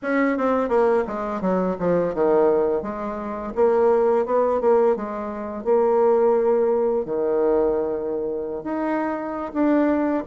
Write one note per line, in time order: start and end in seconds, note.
0.02 0.37 C#4
0.37 0.68 C4
0.68 1.04 A#3
1.07 1.41 G#3
1.41 1.76 F#3
1.79 2.14 F3
2.14 2.82 D#3
2.82 3.53 G#3
3.55 4.25 A#3
4.25 4.60 B3
4.60 4.95 A#3
4.95 5.64 G#3
5.64 7.05 A#3
7.05 8.63 D#3
8.63 9.51 D#4
9.53 10.24 D4